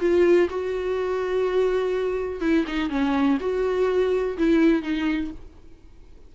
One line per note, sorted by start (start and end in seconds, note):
0.00 0.48 F4
0.49 2.41 F#4
2.41 2.65 E4
2.67 2.89 D#4
2.89 3.38 C#4
3.40 4.37 F#4
4.37 4.82 E4
4.82 5.31 D#4